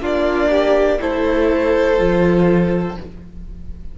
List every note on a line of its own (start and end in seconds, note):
0.00 0.98 A#3
0.00 0.99 D4
0.00 0.49 F4
0.00 1.00 D5
0.49 0.99 G4
0.99 1.99 A3
0.99 1.97 E4
0.99 2.98 A4
0.99 2.97 C5
1.97 2.97 F3
1.97 2.95 F4